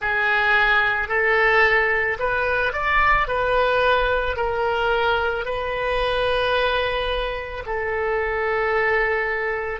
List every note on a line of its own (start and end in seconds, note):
0.00 1.08 G#4
1.08 2.17 A4
2.19 2.73 B4
2.73 3.27 D5
3.27 4.36 B4
4.36 5.45 A#4
5.45 7.63 B4
7.66 9.80 A4